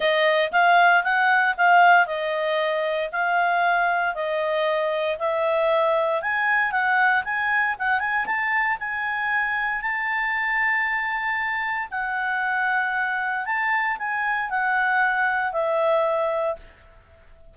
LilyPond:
\new Staff \with { instrumentName = "clarinet" } { \time 4/4 \tempo 4 = 116 dis''4 f''4 fis''4 f''4 | dis''2 f''2 | dis''2 e''2 | gis''4 fis''4 gis''4 fis''8 gis''8 |
a''4 gis''2 a''4~ | a''2. fis''4~ | fis''2 a''4 gis''4 | fis''2 e''2 | }